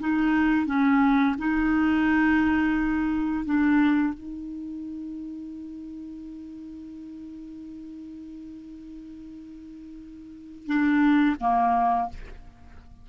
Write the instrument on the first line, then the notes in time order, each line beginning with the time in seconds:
clarinet
0.00 D#4
0.67 C#4
1.39 D#4
3.45 D4
4.14 D#4
10.67 D4
11.40 A#3